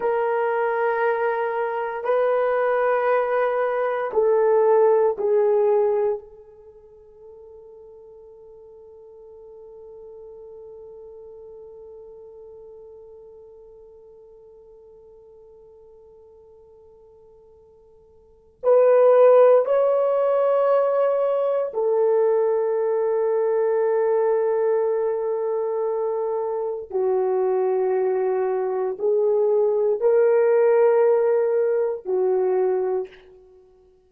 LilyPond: \new Staff \with { instrumentName = "horn" } { \time 4/4 \tempo 4 = 58 ais'2 b'2 | a'4 gis'4 a'2~ | a'1~ | a'1~ |
a'2 b'4 cis''4~ | cis''4 a'2.~ | a'2 fis'2 | gis'4 ais'2 fis'4 | }